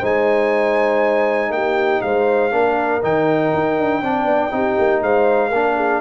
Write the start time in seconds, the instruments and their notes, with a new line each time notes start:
0.00 tuba G#3, trombone D#4, horn C5, trumpet G#5
1.50 tuba A#3, horn G4, trumpet G5
2.02 tuba G#3, horn C5, trumpet F5
2.51 tuba A#3, trombone D4, horn A#4
3.03 tuba D#3, trombone D#4, trumpet G5
3.54 tuba D#4
3.79 tuba D4
4.02 tuba C4, trombone D4, horn D5
4.24 tuba B3
4.51 tuba C4, trombone D#4, horn G4
4.78 tuba A#3
5.02 tuba G#3, horn C5, trumpet F5
5.49 tuba A#3, trombone D4, horn A#4
5.76 horn G#4